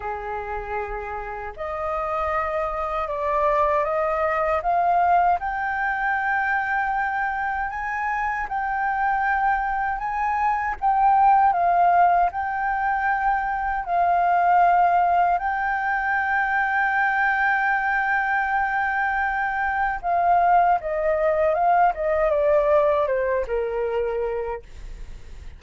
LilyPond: \new Staff \with { instrumentName = "flute" } { \time 4/4 \tempo 4 = 78 gis'2 dis''2 | d''4 dis''4 f''4 g''4~ | g''2 gis''4 g''4~ | g''4 gis''4 g''4 f''4 |
g''2 f''2 | g''1~ | g''2 f''4 dis''4 | f''8 dis''8 d''4 c''8 ais'4. | }